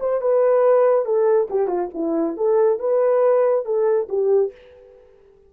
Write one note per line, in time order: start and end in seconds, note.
0.00 0.21 C5
0.21 1.05 B4
1.05 1.48 A4
1.50 1.67 G4
1.67 1.89 F4
1.94 2.37 E4
2.37 2.79 A4
2.79 3.65 B4
3.65 4.08 A4
4.09 4.52 G4